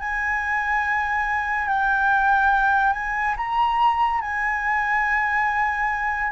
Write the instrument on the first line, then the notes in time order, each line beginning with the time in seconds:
flute
0.00 G#5
1.68 G5
2.93 G#5
3.37 A#5
4.21 G#5